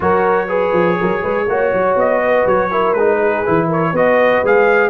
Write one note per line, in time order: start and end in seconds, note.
0.00 0.72 F#3
0.00 0.47 F#4
0.00 0.48 A#4
0.00 1.98 C#5
0.48 1.46 G#4
0.48 0.97 B4
0.72 0.97 F3
0.99 1.23 F#3
0.99 1.21 A#4
1.21 1.47 G#3
1.21 1.46 B4
1.47 1.72 A#3
1.47 2.70 F#4
1.47 2.23 C#5
1.72 1.95 F#3
1.95 2.44 B3
1.95 2.47 D#5
2.24 2.70 B4
2.46 2.94 F#3
2.46 2.93 C#5
2.70 2.95 E4
2.70 3.16 A#4
2.93 3.43 G#3
2.93 3.45 D#4
2.93 3.67 B4
3.16 3.66 G#4
3.45 3.92 E3
3.45 3.95 E4
3.67 3.92 A#4
3.67 3.96 C#5
3.92 4.41 B3
3.92 4.44 F#4
3.92 4.89 B4
3.92 4.45 D#5
4.43 4.89 G#3
4.43 4.89 G#4
4.43 4.89 F5